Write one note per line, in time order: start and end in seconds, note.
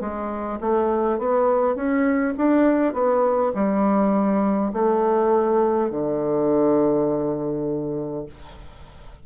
0.00 0.59 G#3
0.60 1.19 A3
1.19 1.75 B3
1.75 2.34 C#4
2.37 2.93 D4
2.93 3.52 B3
3.55 4.72 G3
4.73 5.90 A3
5.90 8.26 D3